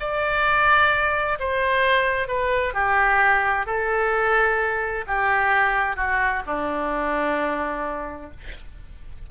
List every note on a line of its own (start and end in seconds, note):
0.00 1.38 D5
1.40 2.28 C5
2.28 2.74 B4
2.74 3.66 G4
3.67 5.05 A4
5.07 5.97 G4
5.97 6.43 F#4
6.47 8.31 D4